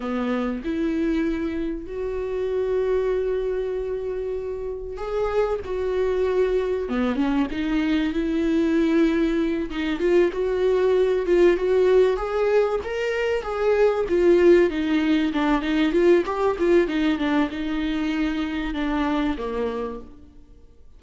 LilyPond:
\new Staff \with { instrumentName = "viola" } { \time 4/4 \tempo 4 = 96 b4 e'2 fis'4~ | fis'1 | gis'4 fis'2 b8 cis'8 | dis'4 e'2~ e'8 dis'8 |
f'8 fis'4. f'8 fis'4 gis'8~ | gis'8 ais'4 gis'4 f'4 dis'8~ | dis'8 d'8 dis'8 f'8 g'8 f'8 dis'8 d'8 | dis'2 d'4 ais4 | }